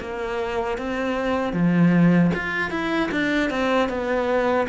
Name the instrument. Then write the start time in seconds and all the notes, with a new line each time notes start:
cello
0.00 A#3
0.77 C4
1.53 F3
2.34 F4
2.71 E4
3.11 D4
3.50 C4
3.89 B3